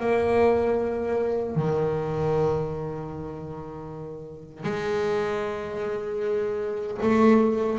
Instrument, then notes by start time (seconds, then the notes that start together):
double bass
0.00 A#3
1.56 D#3
4.64 G#3
7.02 A3